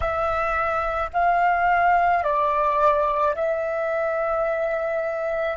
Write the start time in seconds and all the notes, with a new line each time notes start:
0.00 E5
1.13 F5
2.23 D5
3.35 E5